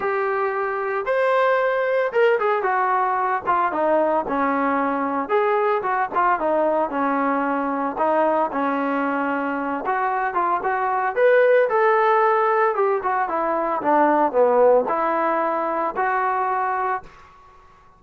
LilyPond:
\new Staff \with { instrumentName = "trombone" } { \time 4/4 \tempo 4 = 113 g'2 c''2 | ais'8 gis'8 fis'4. f'8 dis'4 | cis'2 gis'4 fis'8 f'8 | dis'4 cis'2 dis'4 |
cis'2~ cis'8 fis'4 f'8 | fis'4 b'4 a'2 | g'8 fis'8 e'4 d'4 b4 | e'2 fis'2 | }